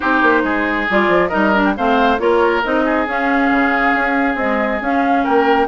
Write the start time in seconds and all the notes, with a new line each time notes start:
0.00 C4 D#4 G4 C5
0.22 A#3
0.43 G#3 G#4
0.89 G3 F4 D5
1.08 F3
1.28 G3 D#4 A#4 D#5
1.54 D4
1.64 G5
1.76 A3 C4 C5 F5
2.18 A#3 F4 A#4 C#5
2.63 C4 D#4 D#5
2.85 G#4
3.06 C#4 F5
3.50 C#3
3.95 C#4
4.34 G#3 C4 D#5
4.81 C#4 F5
5.23 A#3 A#4 G5